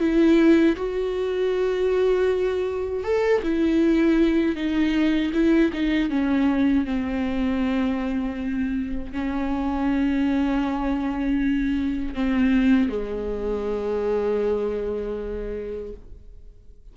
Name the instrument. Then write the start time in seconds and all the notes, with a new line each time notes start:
viola
0.00 E4
0.76 F#4
3.04 A4
3.43 E4
4.56 D#4
5.33 E4
5.73 D#4
6.10 C#4
6.85 C4
9.12 C#4
12.15 C4
12.89 G#3